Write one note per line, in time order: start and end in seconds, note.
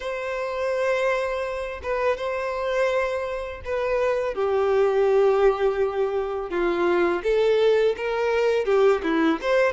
0.00 1.81 C5
1.82 2.17 B4
2.17 3.61 C5
3.64 4.34 B4
4.34 6.50 G4
6.50 7.22 F4
7.23 7.95 A4
7.96 8.65 A#4
8.65 9.01 G4
9.03 9.39 E4
9.41 9.72 C5